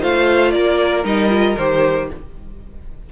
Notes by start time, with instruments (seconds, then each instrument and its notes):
0.00 cello A3, viola F4, violin C5 F5
0.51 cello A#3, violin A#4 D5
1.04 cello G3, viola D#4, violin D#5
1.29 viola F4
1.57 cello D#3, viola G4, violin C5